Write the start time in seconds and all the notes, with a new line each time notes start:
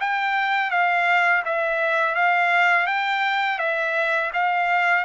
0.00 G5
0.71 F5
1.45 E5
2.15 F5
2.87 G5
3.58 E5
4.33 F5